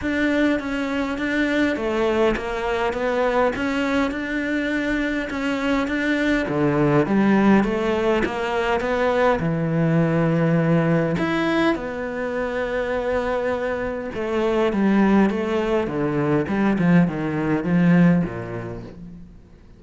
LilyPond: \new Staff \with { instrumentName = "cello" } { \time 4/4 \tempo 4 = 102 d'4 cis'4 d'4 a4 | ais4 b4 cis'4 d'4~ | d'4 cis'4 d'4 d4 | g4 a4 ais4 b4 |
e2. e'4 | b1 | a4 g4 a4 d4 | g8 f8 dis4 f4 ais,4 | }